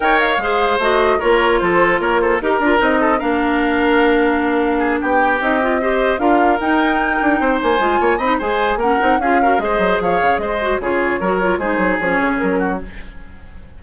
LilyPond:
<<
  \new Staff \with { instrumentName = "flute" } { \time 4/4 \tempo 4 = 150 g''8 f''4. dis''4 cis''4 | c''4 cis''8 c''8 ais'4 dis''4 | f''1~ | f''8 g''4 dis''2 f''8~ |
f''8 g''2~ g''8 gis''4~ | gis''8 b''8 gis''4 fis''4 f''4 | dis''4 f''4 dis''4 cis''4~ | cis''4 c''4 cis''4 ais'4 | }
  \new Staff \with { instrumentName = "oboe" } { \time 4/4 cis''4 c''2 ais'4 | a'4 ais'8 a'8 ais'4. a'8 | ais'1 | gis'8 g'2 c''4 ais'8~ |
ais'2~ ais'8 c''4. | cis''8 dis''8 c''4 ais'4 gis'8 ais'8 | c''4 cis''4 c''4 gis'4 | ais'4 gis'2~ gis'8 fis'8 | }
  \new Staff \with { instrumentName = "clarinet" } { \time 4/4 ais'4 gis'4 fis'4 f'4~ | f'2 g'8 f'8 dis'4 | d'1~ | d'4. dis'8 f'8 g'4 f'8~ |
f'8 dis'2. f'8~ | f'8 dis'8 gis'4 cis'8 dis'8 f'8 fis'8 | gis'2~ gis'8 fis'8 f'4 | fis'8 f'8 dis'4 cis'2 | }
  \new Staff \with { instrumentName = "bassoon" } { \time 4/4 dis'4 gis4 a4 ais4 | f4 ais4 dis'8 d'8 c'4 | ais1~ | ais8 b4 c'2 d'8~ |
d'8 dis'4. d'8 c'8 ais8 gis8 | ais8 c'8 gis4 ais8 c'8 cis'4 | gis8 fis8 f8 cis8 gis4 cis4 | fis4 gis8 fis8 f8 cis8 fis4 | }
>>